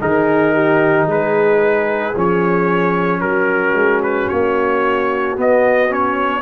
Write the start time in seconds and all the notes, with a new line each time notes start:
0.00 D#3 D#4 G#4 A#4
0.54 G4
1.06 G#3 G#4 B4
2.16 F3 C#4 C#5
3.21 F#3 F#4 A#4
3.73 G#3
4.03 B4
4.29 A#3 C#5
5.36 B3 D#5
5.89 C#4 C#5